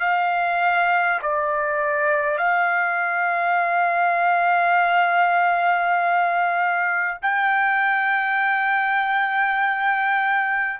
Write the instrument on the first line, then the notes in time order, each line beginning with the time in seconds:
trumpet
0.00 F5
1.22 D5
2.38 F5
7.22 G5